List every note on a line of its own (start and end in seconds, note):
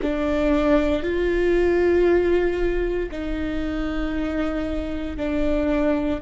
0.01 1.03 D4
1.03 3.09 F4
3.11 5.17 D#4
5.17 6.20 D4